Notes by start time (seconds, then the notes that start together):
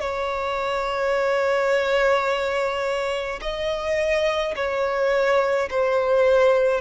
0.00 C#5
3.42 D#5
4.56 C#5
5.71 C5